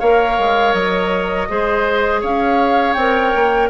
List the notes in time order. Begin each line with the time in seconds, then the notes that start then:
0.00 A#3 A#4 C#5 F5
0.39 G#3
0.73 F#3 D#5
1.49 G#3 G#4 C5
2.21 C#4 C#5 F5
2.94 C4 A#4 G5
3.35 A#3